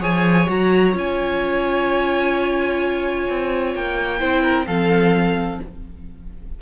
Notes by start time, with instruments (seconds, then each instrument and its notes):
0.00 cello F3, viola G#4, violin C#5 G#5
0.46 cello F#3, viola F#4, violin A#5
0.93 cello C#4, viola F4, violin G#5
3.29 cello C4
3.75 cello A#3, violin G5
4.19 cello C4, viola E4, violin C5
4.43 violin A#4
4.67 cello F3, viola C4, violin A4 F5